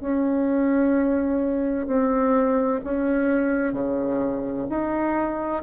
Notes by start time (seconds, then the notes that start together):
0.00 C#4
1.87 C4
2.84 C#4
3.73 C#3
4.69 D#4